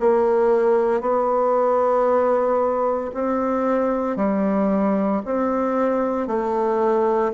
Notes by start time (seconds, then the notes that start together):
0.00 A#3
1.01 B3
3.14 C4
4.17 G3
5.25 C4
6.27 A3